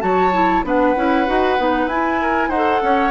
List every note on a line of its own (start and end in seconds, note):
0.00 0.64 F#3
0.00 0.31 F#4
0.00 0.65 C#5
0.00 0.63 A5
0.33 0.64 E4
0.64 0.95 B3
0.64 0.95 D4
0.64 2.22 B4
0.64 1.89 F#5
0.96 1.28 C#4
0.96 1.27 E4
1.27 1.58 D#4
1.27 1.58 F#4
1.58 1.86 B3
1.58 1.89 D#4
1.86 2.48 E4
1.86 2.53 E4
1.86 2.50 G#5
2.22 2.49 A#4
2.49 2.80 D#4
2.49 3.11 A4
2.49 2.80 C5
2.49 3.11 F#5
2.82 3.11 C#4
2.82 3.11 C#5